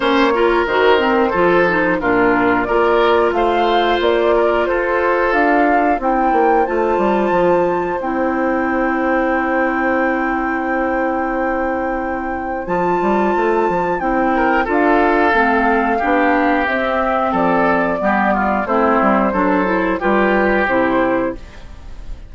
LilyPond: <<
  \new Staff \with { instrumentName = "flute" } { \time 4/4 \tempo 4 = 90 cis''4 c''2 ais'4 | d''4 f''4 d''4 c''4 | f''4 g''4 a''2 | g''1~ |
g''2. a''4~ | a''4 g''4 f''2~ | f''4 e''4 d''2 | c''2 b'4 c''4 | }
  \new Staff \with { instrumentName = "oboe" } { \time 4/4 c''8 ais'4. a'4 f'4 | ais'4 c''4. ais'8 a'4~ | a'4 c''2.~ | c''1~ |
c''1~ | c''4. ais'8 a'2 | g'2 a'4 g'8 f'8 | e'4 a'4 g'2 | }
  \new Staff \with { instrumentName = "clarinet" } { \time 4/4 cis'8 f'8 fis'8 c'8 f'8 dis'8 d'4 | f'1~ | f'4 e'4 f'2 | e'1~ |
e'2. f'4~ | f'4 e'4 f'4 c'4 | d'4 c'2 b4 | c'4 d'8 e'8 f'4 e'4 | }
  \new Staff \with { instrumentName = "bassoon" } { \time 4/4 ais4 dis4 f4 ais,4 | ais4 a4 ais4 f'4 | d'4 c'8 ais8 a8 g8 f4 | c'1~ |
c'2. f8 g8 | a8 f8 c'4 d'4 a4 | b4 c'4 f4 g4 | a8 g8 fis4 g4 c4 | }
>>